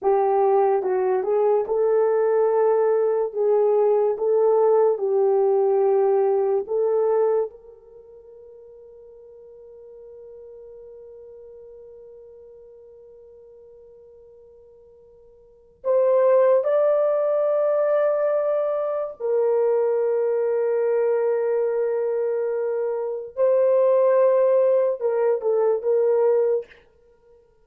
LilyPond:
\new Staff \with { instrumentName = "horn" } { \time 4/4 \tempo 4 = 72 g'4 fis'8 gis'8 a'2 | gis'4 a'4 g'2 | a'4 ais'2.~ | ais'1~ |
ais'2. c''4 | d''2. ais'4~ | ais'1 | c''2 ais'8 a'8 ais'4 | }